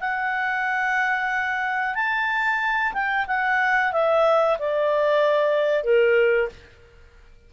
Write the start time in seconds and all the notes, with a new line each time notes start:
0.00 F#5
1.95 A5
2.93 G5
3.27 F#5
3.92 E5
4.59 D5
5.84 A#4